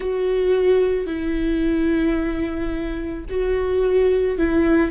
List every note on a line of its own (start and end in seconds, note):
0.00 1.06 F#4
1.06 3.24 E4
3.29 4.38 F#4
4.38 4.90 E4